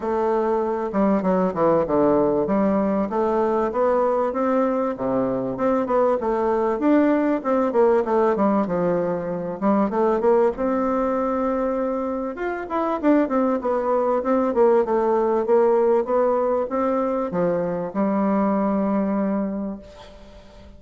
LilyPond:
\new Staff \with { instrumentName = "bassoon" } { \time 4/4 \tempo 4 = 97 a4. g8 fis8 e8 d4 | g4 a4 b4 c'4 | c4 c'8 b8 a4 d'4 | c'8 ais8 a8 g8 f4. g8 |
a8 ais8 c'2. | f'8 e'8 d'8 c'8 b4 c'8 ais8 | a4 ais4 b4 c'4 | f4 g2. | }